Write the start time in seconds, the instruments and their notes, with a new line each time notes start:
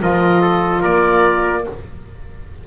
0.00 double bass F3, saxophone F4, trumpet A#4, oboe D#5
0.41 trumpet A4
0.81 double bass A#3, trumpet A#4, oboe D5